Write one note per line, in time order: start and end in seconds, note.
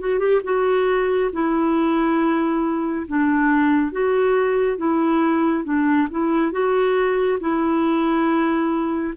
0.00 0.19 F#4
0.19 0.41 G4
0.44 1.31 F#4
1.33 3.07 E4
3.07 3.92 D4
3.92 4.77 F#4
4.77 5.64 E4
5.64 6.08 D4
6.11 6.52 E4
6.52 7.39 F#4
7.40 9.14 E4